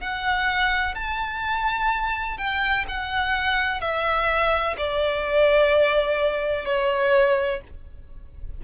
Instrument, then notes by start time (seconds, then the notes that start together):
violin
0.00 F#5
0.95 A5
2.37 G5
2.88 F#5
3.81 E5
4.77 D5
6.65 C#5